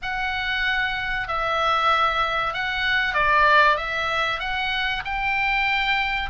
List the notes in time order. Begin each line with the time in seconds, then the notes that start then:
0.01 F#5
1.28 E5
2.53 F#5
3.14 D5
3.77 E5
4.39 F#5
5.04 G5